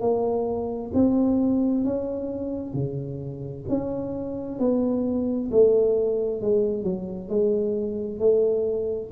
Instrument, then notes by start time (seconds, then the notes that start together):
tuba
0.00 A#3
0.93 C4
1.84 C#4
2.73 C#3
3.68 C#4
4.59 B3
5.51 A3
6.41 G#3
6.83 F#3
7.29 G#3
8.19 A3